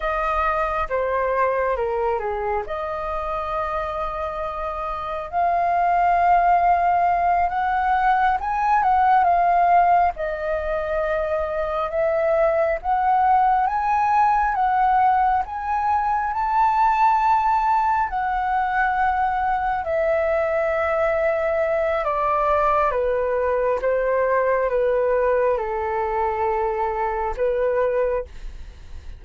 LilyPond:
\new Staff \with { instrumentName = "flute" } { \time 4/4 \tempo 4 = 68 dis''4 c''4 ais'8 gis'8 dis''4~ | dis''2 f''2~ | f''8 fis''4 gis''8 fis''8 f''4 dis''8~ | dis''4. e''4 fis''4 gis''8~ |
gis''8 fis''4 gis''4 a''4.~ | a''8 fis''2 e''4.~ | e''4 d''4 b'4 c''4 | b'4 a'2 b'4 | }